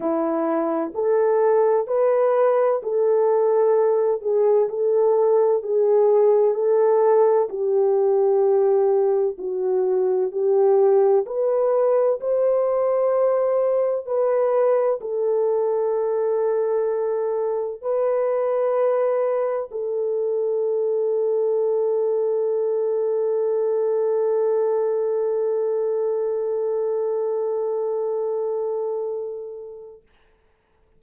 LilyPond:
\new Staff \with { instrumentName = "horn" } { \time 4/4 \tempo 4 = 64 e'4 a'4 b'4 a'4~ | a'8 gis'8 a'4 gis'4 a'4 | g'2 fis'4 g'4 | b'4 c''2 b'4 |
a'2. b'4~ | b'4 a'2.~ | a'1~ | a'1 | }